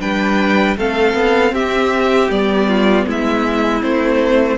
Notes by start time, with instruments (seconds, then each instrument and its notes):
0.00 cello G3, viola D4, violin B4 G5
0.77 cello A3, viola C4, violin A4 F5
1.14 cello B3
1.52 cello C4, violin G4 E5
2.29 cello G3, viola B3, violin D5
2.68 violin F4
3.06 cello G#3, violin E4 E5
3.81 cello A3, viola C4, violin C5